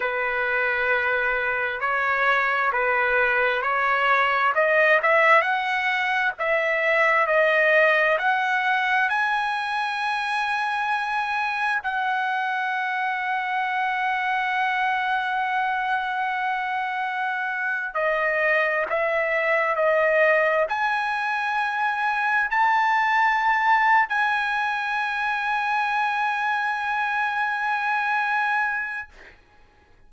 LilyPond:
\new Staff \with { instrumentName = "trumpet" } { \time 4/4 \tempo 4 = 66 b'2 cis''4 b'4 | cis''4 dis''8 e''8 fis''4 e''4 | dis''4 fis''4 gis''2~ | gis''4 fis''2.~ |
fis''2.~ fis''8. dis''16~ | dis''8. e''4 dis''4 gis''4~ gis''16~ | gis''8. a''4.~ a''16 gis''4.~ | gis''1 | }